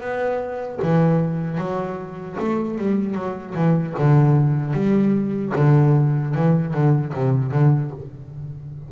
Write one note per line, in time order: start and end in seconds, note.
0.00 0.79 B3
0.82 1.58 E3
1.58 2.36 F#3
2.39 2.78 A3
2.78 3.14 G3
3.14 3.53 F#3
3.54 3.94 E3
3.98 4.73 D3
4.73 5.52 G3
5.56 6.34 D3
6.34 6.73 E3
6.73 7.13 D3
7.13 7.51 C3
7.51 7.91 D3